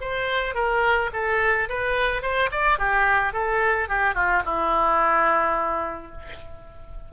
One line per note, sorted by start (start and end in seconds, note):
0.00 0.54 C5
0.54 1.10 A#4
1.13 1.68 A4
1.68 2.22 B4
2.22 2.50 C5
2.51 2.78 D5
2.78 3.33 G4
3.33 3.88 A4
3.88 4.14 G4
4.14 4.42 F4
4.45 6.11 E4